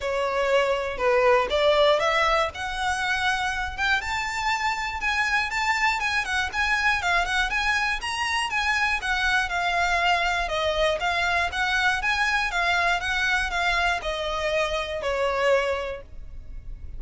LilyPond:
\new Staff \with { instrumentName = "violin" } { \time 4/4 \tempo 4 = 120 cis''2 b'4 d''4 | e''4 fis''2~ fis''8 g''8 | a''2 gis''4 a''4 | gis''8 fis''8 gis''4 f''8 fis''8 gis''4 |
ais''4 gis''4 fis''4 f''4~ | f''4 dis''4 f''4 fis''4 | gis''4 f''4 fis''4 f''4 | dis''2 cis''2 | }